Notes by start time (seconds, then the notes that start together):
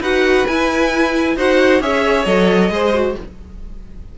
0.00 D#4 F#4 B4 F#5
0.47 E4 G#5
1.36 D#4 F#4 C5 F#5
1.80 C#4 G#4 C#5 E5
2.25 F#3 A4 D#5
2.70 G#3 G#4 C5
2.94 F#4